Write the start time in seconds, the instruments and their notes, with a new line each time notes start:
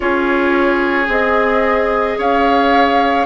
0.00 bassoon C#4, clarinet F4, oboe G#4, flute C#5
1.07 bassoon C4, clarinet G#4, flute D#5
2.17 bassoon C#4, oboe C#5, flute F5